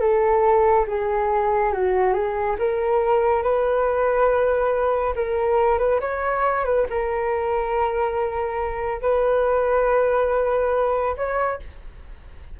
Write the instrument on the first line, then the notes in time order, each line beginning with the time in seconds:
flute
0.00 A4
0.87 G#4
1.73 F#4
2.14 G#4
2.59 A#4
3.43 B4
5.15 A#4
5.79 B4
6.00 C#5
6.65 B4
6.90 A#4
9.02 B4
11.17 C#5